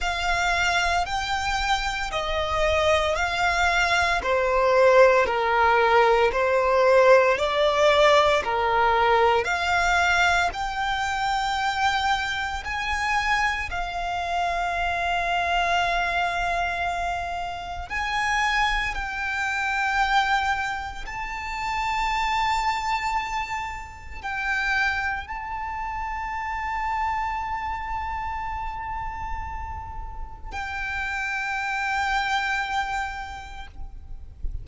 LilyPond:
\new Staff \with { instrumentName = "violin" } { \time 4/4 \tempo 4 = 57 f''4 g''4 dis''4 f''4 | c''4 ais'4 c''4 d''4 | ais'4 f''4 g''2 | gis''4 f''2.~ |
f''4 gis''4 g''2 | a''2. g''4 | a''1~ | a''4 g''2. | }